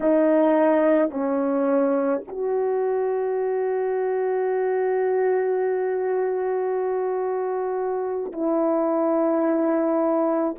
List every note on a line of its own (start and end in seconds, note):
0.00 1.10 D#4
1.10 2.21 C#4
2.27 8.32 F#4
8.32 10.55 E4